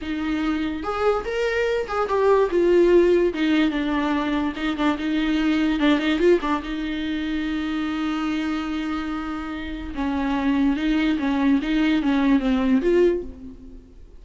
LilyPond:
\new Staff \with { instrumentName = "viola" } { \time 4/4 \tempo 4 = 145 dis'2 gis'4 ais'4~ | ais'8 gis'8 g'4 f'2 | dis'4 d'2 dis'8 d'8 | dis'2 d'8 dis'8 f'8 d'8 |
dis'1~ | dis'1 | cis'2 dis'4 cis'4 | dis'4 cis'4 c'4 f'4 | }